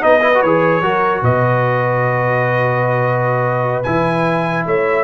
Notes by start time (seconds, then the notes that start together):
0.00 B3 D#4 B4 D#5
0.21 E4
0.34 F#4
0.42 E3 G#4 C#5
0.81 F#3 F#4 A#4
1.22 B2 B4 D#5
3.83 E3 E4 G#5
4.66 A3 C#5 E5